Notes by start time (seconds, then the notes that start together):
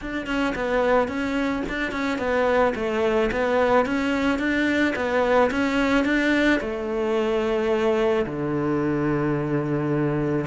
0.01 D4
0.26 C#4
0.55 B3
1.07 C#4
1.69 D4
1.91 C#4
2.18 B3
2.75 A3
3.31 B3
3.85 C#4
4.39 D4
4.95 B3
5.50 C#4
6.05 D4
6.60 A3
8.25 D3